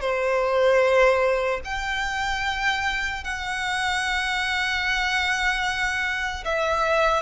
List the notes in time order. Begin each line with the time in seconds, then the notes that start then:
0.00 C5
1.64 G5
3.24 F#5
6.44 E5